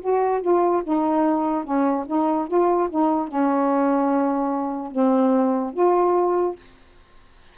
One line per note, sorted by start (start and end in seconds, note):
0.00 0.41 F#4
0.41 0.82 F4
0.84 1.64 D#4
1.64 2.05 C#4
2.06 2.47 D#4
2.48 2.89 F4
2.89 3.28 D#4
3.28 4.91 C#4
4.91 5.73 C4
5.73 6.55 F4